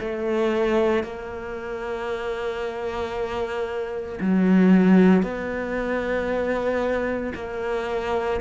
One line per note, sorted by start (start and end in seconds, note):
0.00 1.04 A3
1.04 4.20 A#3
4.21 5.23 F#3
5.23 7.33 B3
7.35 8.41 A#3